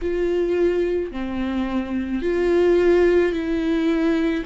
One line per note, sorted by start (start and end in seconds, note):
0.02 1.11 F4
1.11 2.22 C4
2.22 3.32 F4
3.32 4.43 E4